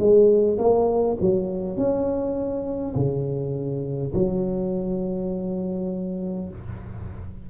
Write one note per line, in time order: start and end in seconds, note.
0.00 0.59 G#3
0.59 1.18 A#3
1.21 1.78 F#3
1.78 2.95 C#4
2.96 4.13 C#3
4.14 6.50 F#3